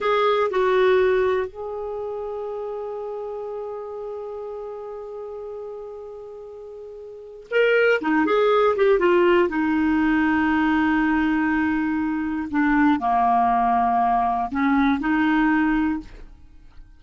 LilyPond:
\new Staff \with { instrumentName = "clarinet" } { \time 4/4 \tempo 4 = 120 gis'4 fis'2 gis'4~ | gis'1~ | gis'1~ | gis'2. ais'4 |
dis'8 gis'4 g'8 f'4 dis'4~ | dis'1~ | dis'4 d'4 ais2~ | ais4 cis'4 dis'2 | }